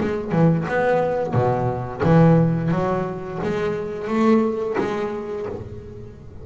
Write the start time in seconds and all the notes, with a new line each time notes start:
0.00 G#3
0.31 E3
0.68 B3
1.33 B2
2.03 E3
2.71 F#3
3.43 G#3
4.08 A3
4.78 G#3